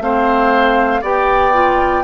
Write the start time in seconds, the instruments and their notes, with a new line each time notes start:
0.00 bassoon A3, clarinet C4, oboe C5, flute F5
1.01 bassoon B3, clarinet G4, oboe D5, flute G5
1.53 clarinet F4